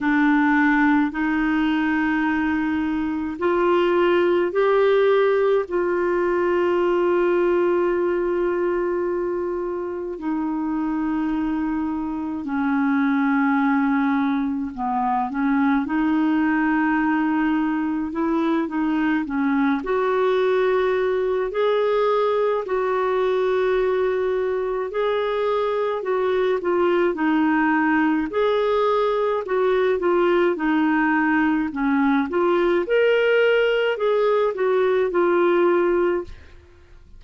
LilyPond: \new Staff \with { instrumentName = "clarinet" } { \time 4/4 \tempo 4 = 53 d'4 dis'2 f'4 | g'4 f'2.~ | f'4 dis'2 cis'4~ | cis'4 b8 cis'8 dis'2 |
e'8 dis'8 cis'8 fis'4. gis'4 | fis'2 gis'4 fis'8 f'8 | dis'4 gis'4 fis'8 f'8 dis'4 | cis'8 f'8 ais'4 gis'8 fis'8 f'4 | }